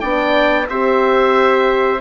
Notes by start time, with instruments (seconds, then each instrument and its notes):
0.00 bassoon B3, horn D4, trumpet D5, oboe G5
0.69 bassoon C4, horn G4, trumpet C5, oboe E5